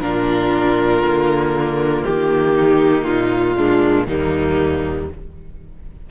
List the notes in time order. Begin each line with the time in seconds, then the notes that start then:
0.00 A#2 D4 F4 A#4
1.01 D3 A#3
2.03 D#3 G4
2.55 D#4
3.04 A#2 F4
3.56 G#3 D4
4.07 D#2 G3 A#3 D#4